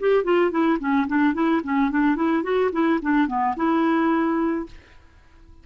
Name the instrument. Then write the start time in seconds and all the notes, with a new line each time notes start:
clarinet
0.00 G4
0.24 F4
0.51 E4
0.79 C#4
1.07 D4
1.34 E4
1.63 C#4
1.91 D4
2.16 E4
2.43 F#4
2.72 E4
3.02 D4
3.28 B3
3.56 E4